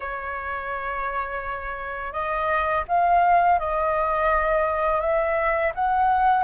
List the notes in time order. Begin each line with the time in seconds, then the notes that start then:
0.00 C#5
2.12 D#5
2.88 F5
3.59 D#5
5.01 E5
5.74 F#5